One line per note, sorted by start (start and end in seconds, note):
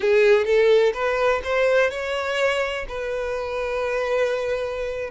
0.00 0.45 G#4
0.45 0.92 A4
0.93 1.41 B4
1.44 1.90 C5
1.90 2.85 C#5
2.88 5.10 B4